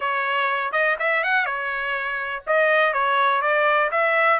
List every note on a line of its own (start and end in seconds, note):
0.00 0.72 C#5
0.72 0.96 D#5
0.99 1.23 E5
1.23 1.45 F#5
1.45 2.43 C#5
2.47 2.93 D#5
2.93 3.41 C#5
3.41 3.90 D5
3.91 4.39 E5